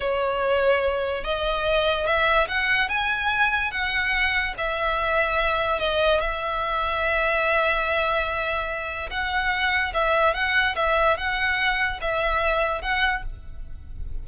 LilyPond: \new Staff \with { instrumentName = "violin" } { \time 4/4 \tempo 4 = 145 cis''2. dis''4~ | dis''4 e''4 fis''4 gis''4~ | gis''4 fis''2 e''4~ | e''2 dis''4 e''4~ |
e''1~ | e''2 fis''2 | e''4 fis''4 e''4 fis''4~ | fis''4 e''2 fis''4 | }